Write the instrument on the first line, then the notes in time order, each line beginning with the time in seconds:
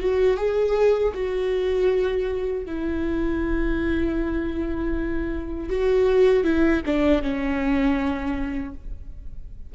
viola
0.00 F#4
0.37 G#4
1.14 F#4
2.66 E4
5.70 F#4
6.44 E4
6.86 D4
7.23 C#4